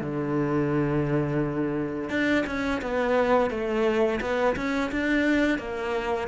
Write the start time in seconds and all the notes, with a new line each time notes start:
0.00 D3
2.09 D4
2.46 C#4
2.81 B3
3.50 A3
4.21 B3
4.56 C#4
4.91 D4
5.58 A#3